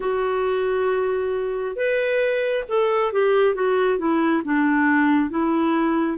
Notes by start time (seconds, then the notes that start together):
0.00 F#4
1.76 B4
2.68 A4
3.12 G4
3.55 F#4
3.98 E4
4.44 D4
5.29 E4